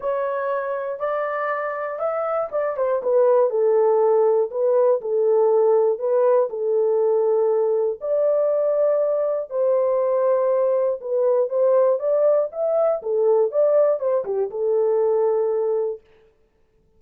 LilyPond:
\new Staff \with { instrumentName = "horn" } { \time 4/4 \tempo 4 = 120 cis''2 d''2 | e''4 d''8 c''8 b'4 a'4~ | a'4 b'4 a'2 | b'4 a'2. |
d''2. c''4~ | c''2 b'4 c''4 | d''4 e''4 a'4 d''4 | c''8 g'8 a'2. | }